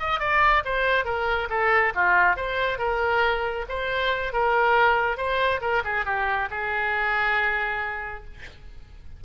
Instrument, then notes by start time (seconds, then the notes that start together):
oboe
0.00 D#5
0.20 D5
0.65 C5
1.05 A#4
1.50 A4
1.95 F4
2.37 C5
2.79 A#4
3.69 C5
4.33 A#4
5.18 C5
5.61 A#4
5.85 G#4
6.06 G4
6.51 G#4